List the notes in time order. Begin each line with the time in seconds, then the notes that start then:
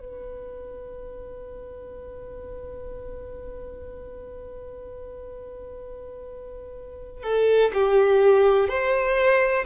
0.00 B4
7.23 A4
7.73 G4
8.68 C5